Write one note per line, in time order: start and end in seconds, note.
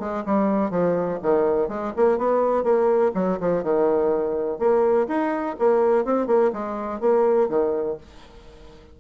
0.00 0.24 G#3
0.26 0.71 G3
0.71 1.19 F3
1.23 1.69 D#3
1.69 1.93 G#3
1.97 2.18 A#3
2.18 2.64 B3
2.64 3.12 A#3
3.15 3.39 F#3
3.40 3.64 F3
3.64 4.59 D#3
4.59 5.08 A#3
5.08 5.56 D#4
5.60 6.05 A#3
6.05 6.27 C4
6.27 6.51 A#3
6.53 7.01 G#3
7.01 7.49 A#3
7.49 7.98 D#3